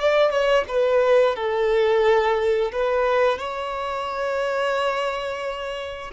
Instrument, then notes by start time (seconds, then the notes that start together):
violin
0.00 D5
0.30 C#5
0.68 B4
1.35 A4
2.71 B4
3.38 C#5